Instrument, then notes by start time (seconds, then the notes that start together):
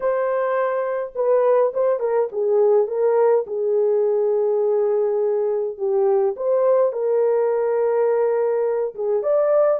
horn
0.00 C5
1.15 B4
1.73 C5
1.99 A#4
2.32 G#4
2.87 A#4
3.46 G#4
5.77 G4
6.36 C5
6.92 A#4
8.94 G#4
9.22 D5